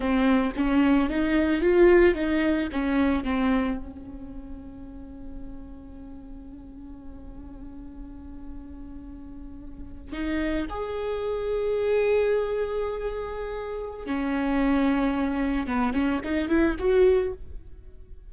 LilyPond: \new Staff \with { instrumentName = "viola" } { \time 4/4 \tempo 4 = 111 c'4 cis'4 dis'4 f'4 | dis'4 cis'4 c'4 cis'4~ | cis'1~ | cis'1~ |
cis'2~ cis'8. dis'4 gis'16~ | gis'1~ | gis'2 cis'2~ | cis'4 b8 cis'8 dis'8 e'8 fis'4 | }